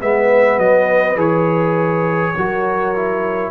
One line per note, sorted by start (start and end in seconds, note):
0.00 0.58 G#3
0.00 1.17 B3
0.00 2.35 B4
0.00 0.59 E5
0.58 1.16 F#3
0.58 1.18 D#5
1.16 2.34 E3
1.16 2.35 G#4
1.16 3.51 C#5
2.37 3.51 F#3
2.37 2.96 F#4
2.37 3.51 A#4
2.96 3.51 E4